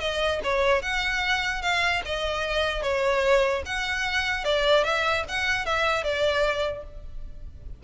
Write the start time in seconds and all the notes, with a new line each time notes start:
0.00 D#5
0.43 C#5
0.82 F#5
1.61 F5
2.05 D#5
2.82 C#5
3.65 F#5
4.44 D5
4.84 E5
5.28 F#5
5.65 E5
6.03 D5